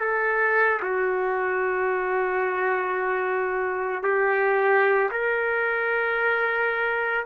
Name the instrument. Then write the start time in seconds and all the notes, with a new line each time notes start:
trumpet
0.00 A4
0.82 F#4
4.03 G4
5.11 A#4